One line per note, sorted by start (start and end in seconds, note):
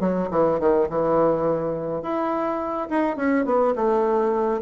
0.00 0.29 F#3
0.31 0.59 E3
0.59 0.88 D#3
0.89 2.02 E3
2.02 2.88 E4
2.90 3.17 D#4
3.17 3.45 C#4
3.45 3.74 B3
3.75 4.61 A3